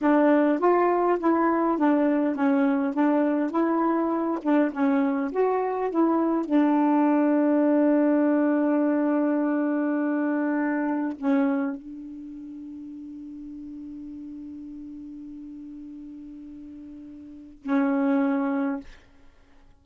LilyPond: \new Staff \with { instrumentName = "saxophone" } { \time 4/4 \tempo 4 = 102 d'4 f'4 e'4 d'4 | cis'4 d'4 e'4. d'8 | cis'4 fis'4 e'4 d'4~ | d'1~ |
d'2. cis'4 | d'1~ | d'1~ | d'2 cis'2 | }